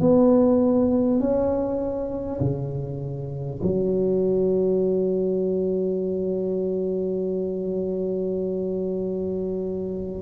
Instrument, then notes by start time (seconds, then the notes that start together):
tuba
0.00 B3
1.19 C#4
2.40 C#3
3.62 F#3